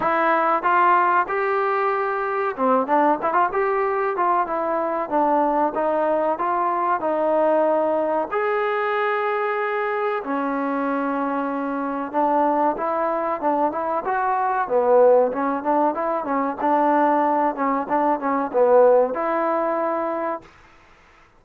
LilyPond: \new Staff \with { instrumentName = "trombone" } { \time 4/4 \tempo 4 = 94 e'4 f'4 g'2 | c'8 d'8 e'16 f'16 g'4 f'8 e'4 | d'4 dis'4 f'4 dis'4~ | dis'4 gis'2. |
cis'2. d'4 | e'4 d'8 e'8 fis'4 b4 | cis'8 d'8 e'8 cis'8 d'4. cis'8 | d'8 cis'8 b4 e'2 | }